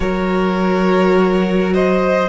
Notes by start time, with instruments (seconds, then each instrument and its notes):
0.00 cello F#3, viola F#4, violin A#4 C#5
1.73 violin C5 D#5